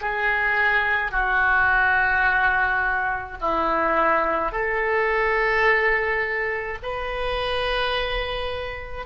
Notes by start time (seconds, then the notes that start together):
0.00 G#4
1.11 F#4
3.41 E4
4.52 A4
6.82 B4